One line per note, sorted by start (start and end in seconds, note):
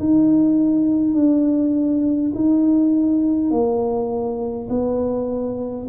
0.00 1.14 D#4
1.14 2.32 D4
2.35 3.51 D#4
3.51 4.68 A#3
4.70 5.87 B3